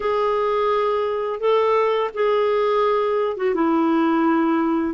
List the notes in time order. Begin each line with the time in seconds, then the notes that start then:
0.00 G#4
1.39 A4
2.14 G#4
3.37 F#4
3.54 E4